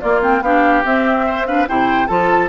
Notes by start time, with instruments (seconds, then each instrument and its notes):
0.00 bassoon A#3, clarinet A#3, oboe F4, flute D5
0.21 clarinet C4, flute G5
0.41 bassoon B3, clarinet D4, oboe G4, flute F5
0.84 clarinet C4, bassoon C4, flute E5
1.26 oboe C5
1.46 clarinet D4, oboe B4, flute F5
1.67 bassoon C3, clarinet E4, oboe C5, flute G5
2.07 bassoon F3, clarinet F4, oboe A4, flute A5